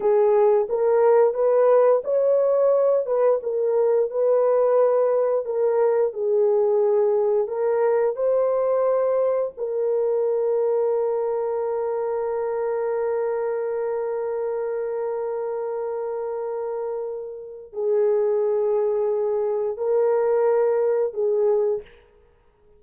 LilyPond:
\new Staff \with { instrumentName = "horn" } { \time 4/4 \tempo 4 = 88 gis'4 ais'4 b'4 cis''4~ | cis''8 b'8 ais'4 b'2 | ais'4 gis'2 ais'4 | c''2 ais'2~ |
ais'1~ | ais'1~ | ais'2 gis'2~ | gis'4 ais'2 gis'4 | }